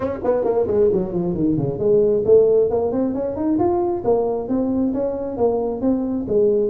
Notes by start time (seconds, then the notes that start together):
0.00 C#4
0.24 B3
0.44 A#3
0.67 G#3
0.92 F#3
1.12 F3
1.34 D#3
1.57 C#3
1.78 G#3
2.25 A3
2.70 A#3
2.91 C4
3.14 C#4
3.36 D#4
3.58 F4
4.04 A#3
4.48 C4
4.93 C#4
5.37 A#3
5.81 C4
6.28 G#3